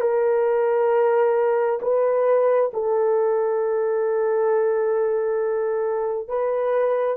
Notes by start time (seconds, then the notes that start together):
0.00 A#4
1.81 B4
2.73 A4
6.28 B4